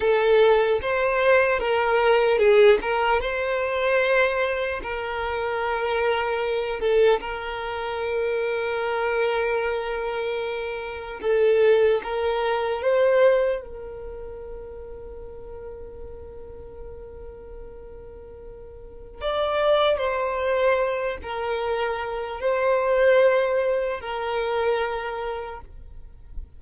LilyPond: \new Staff \with { instrumentName = "violin" } { \time 4/4 \tempo 4 = 75 a'4 c''4 ais'4 gis'8 ais'8 | c''2 ais'2~ | ais'8 a'8 ais'2.~ | ais'2 a'4 ais'4 |
c''4 ais'2.~ | ais'1 | d''4 c''4. ais'4. | c''2 ais'2 | }